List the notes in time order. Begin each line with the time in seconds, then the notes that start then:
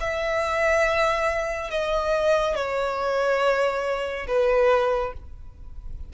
0.00 E5
1.70 D#5
2.55 C#5
4.27 B4